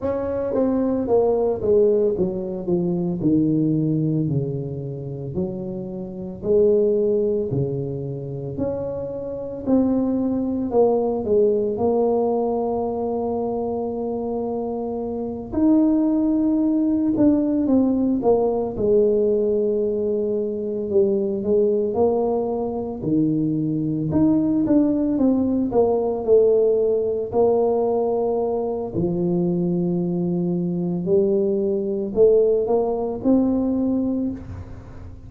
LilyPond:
\new Staff \with { instrumentName = "tuba" } { \time 4/4 \tempo 4 = 56 cis'8 c'8 ais8 gis8 fis8 f8 dis4 | cis4 fis4 gis4 cis4 | cis'4 c'4 ais8 gis8 ais4~ | ais2~ ais8 dis'4. |
d'8 c'8 ais8 gis2 g8 | gis8 ais4 dis4 dis'8 d'8 c'8 | ais8 a4 ais4. f4~ | f4 g4 a8 ais8 c'4 | }